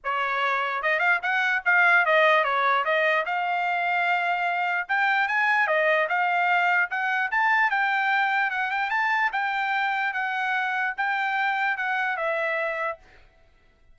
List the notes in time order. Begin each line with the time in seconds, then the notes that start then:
0.04 C#5
0.82 D#5
0.99 F5
1.22 F#5
1.65 F5
2.05 D#5
2.44 C#5
2.85 D#5
3.25 F5
4.88 G5
5.28 G#5
5.67 D#5
6.08 F5
6.90 F#5
7.31 A5
7.70 G5
8.50 F#5
8.71 G5
8.90 A5
9.32 G5
10.13 F#5
10.97 G5
11.77 F#5
12.16 E5